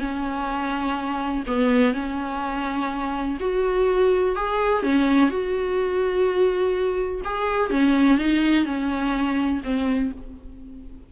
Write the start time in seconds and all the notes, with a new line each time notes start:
0.00 C#4
1.47 B3
1.94 C#4
3.41 F#4
4.36 G#4
4.83 C#4
5.30 F#4
7.25 G#4
7.71 C#4
8.18 D#4
8.66 C#4
9.64 C4